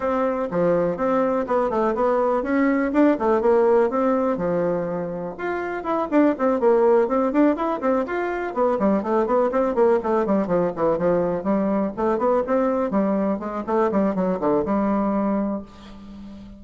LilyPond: \new Staff \with { instrumentName = "bassoon" } { \time 4/4 \tempo 4 = 123 c'4 f4 c'4 b8 a8 | b4 cis'4 d'8 a8 ais4 | c'4 f2 f'4 | e'8 d'8 c'8 ais4 c'8 d'8 e'8 |
c'8 f'4 b8 g8 a8 b8 c'8 | ais8 a8 g8 f8 e8 f4 g8~ | g8 a8 b8 c'4 g4 gis8 | a8 g8 fis8 d8 g2 | }